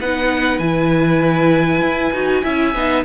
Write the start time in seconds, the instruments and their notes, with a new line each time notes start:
0.00 cello B3, viola D#4, violin B4 F#5
0.59 cello E3, viola E4, violin G#5
1.81 cello E4
2.12 cello D#4, viola F#4
2.43 cello C#4, viola E4, violin E5
2.74 cello B3, viola D#4